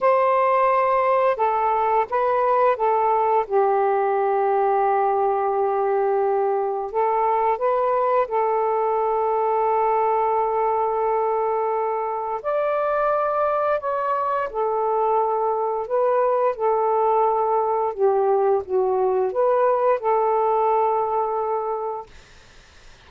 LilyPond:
\new Staff \with { instrumentName = "saxophone" } { \time 4/4 \tempo 4 = 87 c''2 a'4 b'4 | a'4 g'2.~ | g'2 a'4 b'4 | a'1~ |
a'2 d''2 | cis''4 a'2 b'4 | a'2 g'4 fis'4 | b'4 a'2. | }